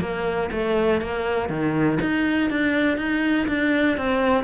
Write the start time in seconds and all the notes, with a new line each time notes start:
0.00 A#3
0.51 A3
1.01 A#3
1.49 D#3
2.01 D#4
2.50 D4
2.98 D#4
3.48 D4
3.97 C4